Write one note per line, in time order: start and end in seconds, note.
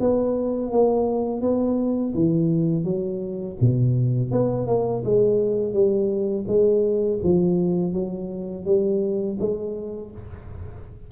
0.00 0.72 B3
0.72 1.41 A#3
1.41 2.14 B3
2.15 2.84 E3
2.84 3.57 F#3
3.61 4.31 B2
4.31 4.67 B3
4.67 5.03 A#3
5.04 5.73 G#3
5.73 6.45 G3
6.47 7.19 G#3
7.24 7.93 F3
7.93 8.65 F#3
8.65 9.38 G3
9.39 10.11 G#3